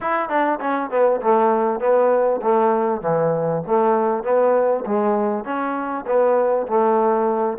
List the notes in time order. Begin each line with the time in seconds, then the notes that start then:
0.00 E4
0.29 D4
0.60 C#4
0.90 B3
1.21 A3
1.80 B3
2.42 A3
3.01 E3
3.67 A3
4.23 B3
4.85 G#3
5.44 C#4
6.06 B3
6.67 A3